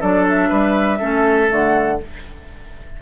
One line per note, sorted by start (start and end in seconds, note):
0.00 0.50 F#3
0.00 0.98 D4
0.00 0.49 A4
0.00 0.26 D5
0.28 1.51 E5
0.49 1.00 G3
0.49 0.98 B4
0.98 1.51 A3
0.98 1.48 C#4
0.98 1.98 A4
1.48 2.01 D3
1.48 1.97 A3
1.48 2.01 F#5